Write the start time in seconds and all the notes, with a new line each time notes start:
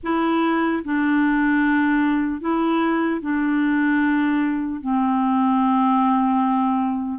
0.03 E4
0.84 D4
2.40 E4
3.21 D4
4.80 C4